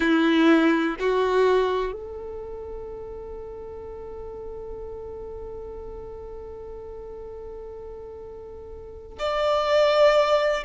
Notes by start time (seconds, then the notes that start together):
0.00 E4
0.99 F#4
1.92 A4
9.18 D5